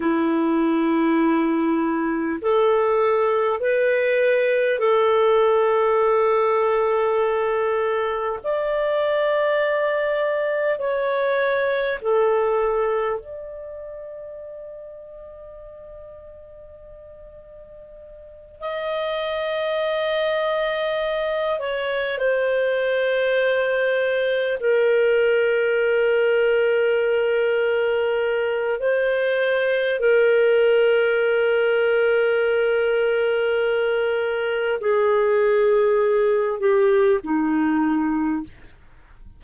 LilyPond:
\new Staff \with { instrumentName = "clarinet" } { \time 4/4 \tempo 4 = 50 e'2 a'4 b'4 | a'2. d''4~ | d''4 cis''4 a'4 d''4~ | d''2.~ d''8 dis''8~ |
dis''2 cis''8 c''4.~ | c''8 ais'2.~ ais'8 | c''4 ais'2.~ | ais'4 gis'4. g'8 dis'4 | }